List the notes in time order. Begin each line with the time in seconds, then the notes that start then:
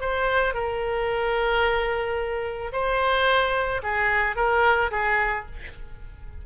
0.00 C5
0.53 A#4
2.72 C5
3.83 G#4
4.36 A#4
4.91 G#4